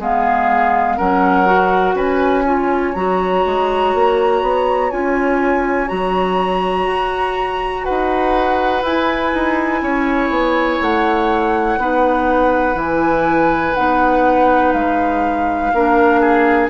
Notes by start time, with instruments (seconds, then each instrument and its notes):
0.00 bassoon G#3, clarinet B3, oboe G#4, flute F5
0.97 bassoon F#3, clarinet C#4, oboe A#4, flute F#5
1.47 clarinet F#4
1.95 bassoon C#4, oboe B4, flute G#5
2.45 clarinet F4, oboe C#5
2.94 bassoon F#3, clarinet F#4, flute A#5
3.46 bassoon G#3
3.95 bassoon A#3
4.43 bassoon B3
4.91 bassoon C#4, clarinet F4, flute G#5
5.88 bassoon F#3, clarinet F#4, flute A#5
6.87 bassoon F#4
7.85 bassoon D#4, oboe B4, flute F#5
8.83 bassoon E4, clarinet E4, flute G#5
9.35 bassoon D#4
9.82 bassoon C#4, oboe C#5
10.30 bassoon B3
10.82 bassoon A3, flute F#5
11.78 bassoon B3, clarinet D#4, oboe B4
12.75 bassoon E3, clarinet E4, flute G#5
13.75 bassoon B3, clarinet D#4, flute F#5
14.73 bassoon G#3, flute F5
15.74 bassoon A#3, clarinet D4, oboe A#4
16.21 oboe G#4